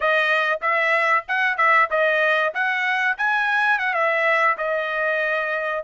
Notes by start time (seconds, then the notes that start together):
0.00 D#5
0.61 E5
1.28 F#5
1.57 E5
1.90 D#5
2.54 F#5
3.18 G#5
3.78 F#5
3.93 E5
4.57 D#5